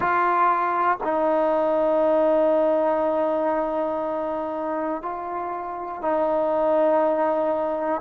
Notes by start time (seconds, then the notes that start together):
0.00 F4
1.03 D#4
5.01 F4
6.01 D#4